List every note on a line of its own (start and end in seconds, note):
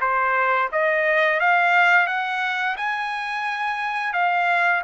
0.00 0.69 C5
0.71 1.39 D#5
1.39 2.07 F5
2.07 2.76 F#5
2.76 4.13 G#5
4.13 4.82 F5